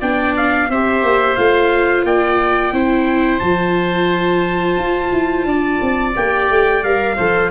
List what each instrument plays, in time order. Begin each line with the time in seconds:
0.00 tuba B3, viola D4, oboe D5, trumpet G5
0.37 trumpet F5
0.70 tuba C4, viola G4, oboe C5, trumpet E5
1.03 tuba A#3
1.36 tuba A3, viola F4, trumpet F5
2.04 tuba A#3, oboe D5, trumpet G5
2.72 tuba C4, viola E4, oboe C5
3.39 tuba F3, viola F4, trumpet A5
4.77 tuba F4
5.12 tuba E4
5.45 tuba D4, oboe D5
5.81 tuba C4
6.15 tuba A#3, viola G4, trumpet G5
6.50 tuba A3
6.83 tuba G3, viola A#4, trumpet F5
7.16 tuba F3, viola A4, oboe C5